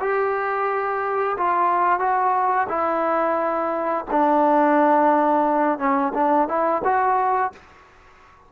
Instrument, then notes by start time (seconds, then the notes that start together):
trombone
0.00 G4
1.37 F4
1.99 F#4
2.68 E4
4.10 D4
5.79 C#4
6.14 D4
6.48 E4
6.84 F#4